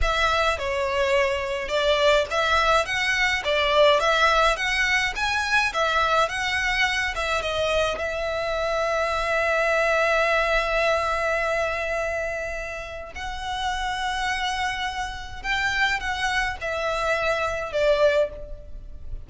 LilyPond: \new Staff \with { instrumentName = "violin" } { \time 4/4 \tempo 4 = 105 e''4 cis''2 d''4 | e''4 fis''4 d''4 e''4 | fis''4 gis''4 e''4 fis''4~ | fis''8 e''8 dis''4 e''2~ |
e''1~ | e''2. fis''4~ | fis''2. g''4 | fis''4 e''2 d''4 | }